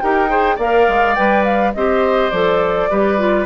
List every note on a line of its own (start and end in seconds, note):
0.00 0.58 D#4
0.00 0.29 G4
0.00 0.30 A#4
0.00 0.58 G5
0.29 0.58 G#4
0.29 0.56 C5
0.56 0.87 A#3
0.56 1.16 A#4
0.56 1.71 D5
0.56 1.15 F5
0.88 1.17 G#3
1.15 1.75 G3
1.15 1.74 B4
1.15 1.44 G5
1.44 1.73 F5
1.74 2.32 C4
1.74 2.33 G4
1.74 2.90 C5
1.74 2.30 D#5
2.30 2.89 F3
2.30 2.90 A4
2.30 3.45 D5
2.90 3.46 G3
2.90 3.18 G4
2.90 3.46 B4
3.18 3.46 F4